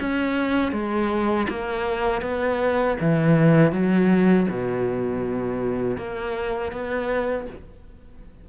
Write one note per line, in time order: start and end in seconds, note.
0.00 0.72 C#4
0.72 1.47 G#3
1.49 2.22 A#3
2.22 2.97 B3
3.00 3.72 E3
3.72 4.47 F#3
4.49 5.97 B2
5.97 6.72 A#3
6.72 7.47 B3